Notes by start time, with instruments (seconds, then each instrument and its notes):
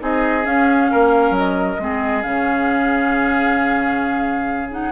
0.00 bassoon C4, clarinet D#4, oboe G#4, flute D#5
0.44 clarinet C#4, bassoon C#4, flute F5
0.92 bassoon A#3, oboe A#4
1.31 bassoon F#3
1.38 flute D#5
1.79 bassoon G#3, clarinet C4, oboe G#4
2.23 bassoon C#3, clarinet C#4, flute F5
4.71 clarinet D#4, flute F#5